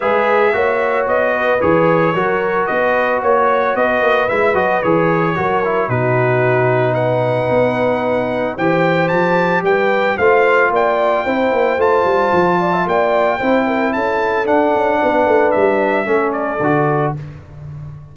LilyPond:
<<
  \new Staff \with { instrumentName = "trumpet" } { \time 4/4 \tempo 4 = 112 e''2 dis''4 cis''4~ | cis''4 dis''4 cis''4 dis''4 | e''8 dis''8 cis''2 b'4~ | b'4 fis''2. |
g''4 a''4 g''4 f''4 | g''2 a''2 | g''2 a''4 fis''4~ | fis''4 e''4. d''4. | }
  \new Staff \with { instrumentName = "horn" } { \time 4/4 b'4 cis''4. b'4. | ais'4 b'4 cis''4 b'4~ | b'2 ais'4 fis'4~ | fis'4 b'2. |
c''2 b'4 c''4 | d''4 c''2~ c''8 d''16 e''16 | d''4 c''8 ais'8 a'2 | b'2 a'2 | }
  \new Staff \with { instrumentName = "trombone" } { \time 4/4 gis'4 fis'2 gis'4 | fis'1 | e'8 fis'8 gis'4 fis'8 e'8 dis'4~ | dis'1 |
g'2. f'4~ | f'4 e'4 f'2~ | f'4 e'2 d'4~ | d'2 cis'4 fis'4 | }
  \new Staff \with { instrumentName = "tuba" } { \time 4/4 gis4 ais4 b4 e4 | fis4 b4 ais4 b8 ais8 | gis8 fis8 e4 fis4 b,4~ | b,2 b2 |
e4 f4 g4 a4 | ais4 c'8 ais8 a8 g8 f4 | ais4 c'4 cis'4 d'8 cis'8 | b8 a8 g4 a4 d4 | }
>>